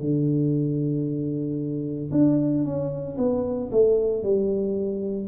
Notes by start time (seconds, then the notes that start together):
0.00 D3
2.11 D4
2.64 C#4
3.18 B3
3.71 A3
4.23 G3